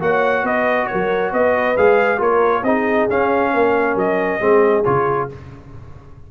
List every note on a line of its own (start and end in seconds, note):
0.00 0.44 A#3
0.00 1.76 F#4
0.00 0.45 C#5
0.00 0.46 F#5
0.44 0.88 B3
0.44 0.89 B4
0.44 0.87 D#5
0.87 1.33 A#4
0.87 1.31 C#5
0.94 1.33 F#3
1.33 1.77 B3
1.33 2.20 B4
1.33 1.77 D#5
1.77 2.20 G#3
1.77 2.19 G#4
1.77 2.21 F5
2.19 2.63 A#3
2.19 2.63 F4
2.19 2.63 A#4
2.19 2.64 C#5
2.63 3.07 C4
2.63 3.10 D#4
2.63 3.51 G#4
2.63 3.08 D#5
3.10 4.40 C#4
3.10 3.54 C#4
3.10 3.98 F5
3.54 3.95 A#3
3.54 4.42 A#4
3.95 4.40 F#3
3.95 4.85 D#5
4.40 4.85 G#3
4.40 4.84 C4
4.40 5.30 G#4
4.85 5.31 C#3
4.85 5.30 F4
4.85 5.29 C#5